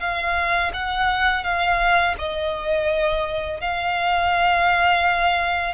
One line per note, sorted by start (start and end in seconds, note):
0.00 0.71 F5
0.74 1.44 F#5
1.44 2.15 F5
2.19 3.61 D#5
3.61 5.74 F5